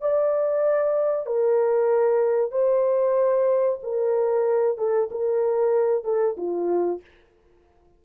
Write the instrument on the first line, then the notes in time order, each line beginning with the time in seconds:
horn
0.00 D5
1.26 A#4
2.51 C5
3.83 A#4
4.77 A4
5.11 A#4
6.04 A4
6.37 F4